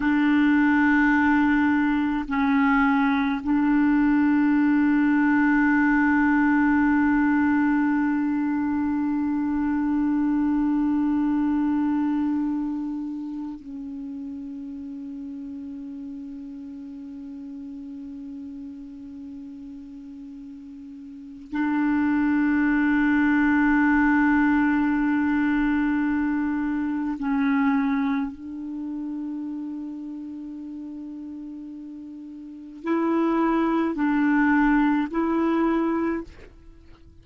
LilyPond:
\new Staff \with { instrumentName = "clarinet" } { \time 4/4 \tempo 4 = 53 d'2 cis'4 d'4~ | d'1~ | d'1 | cis'1~ |
cis'2. d'4~ | d'1 | cis'4 d'2.~ | d'4 e'4 d'4 e'4 | }